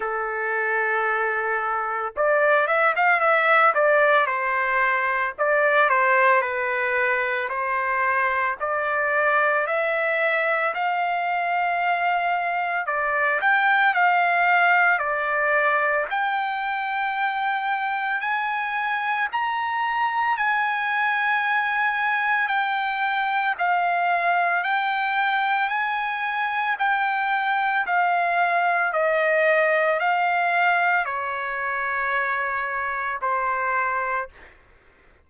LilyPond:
\new Staff \with { instrumentName = "trumpet" } { \time 4/4 \tempo 4 = 56 a'2 d''8 e''16 f''16 e''8 d''8 | c''4 d''8 c''8 b'4 c''4 | d''4 e''4 f''2 | d''8 g''8 f''4 d''4 g''4~ |
g''4 gis''4 ais''4 gis''4~ | gis''4 g''4 f''4 g''4 | gis''4 g''4 f''4 dis''4 | f''4 cis''2 c''4 | }